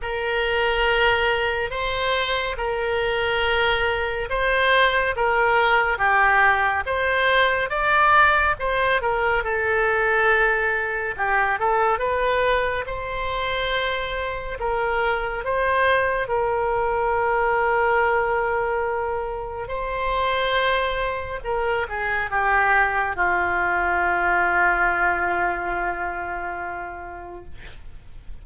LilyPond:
\new Staff \with { instrumentName = "oboe" } { \time 4/4 \tempo 4 = 70 ais'2 c''4 ais'4~ | ais'4 c''4 ais'4 g'4 | c''4 d''4 c''8 ais'8 a'4~ | a'4 g'8 a'8 b'4 c''4~ |
c''4 ais'4 c''4 ais'4~ | ais'2. c''4~ | c''4 ais'8 gis'8 g'4 f'4~ | f'1 | }